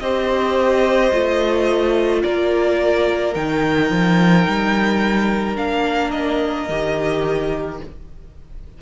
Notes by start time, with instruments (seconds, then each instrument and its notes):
0.00 cello C4, viola G4, violin C5 D#5
1.12 cello A3, viola F4
2.23 cello A#3, violin A#4 D5
3.35 cello D#3, viola D#4, violin G5
3.91 cello F3
4.48 cello G3
5.56 cello A#3, viola D4, violin F5
6.11 violin D#5
6.69 cello D#3, viola G4